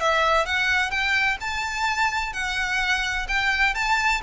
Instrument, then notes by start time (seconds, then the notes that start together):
violin
0.00 E5
0.46 F#5
0.91 G5
1.41 A5
2.33 F#5
3.28 G5
3.75 A5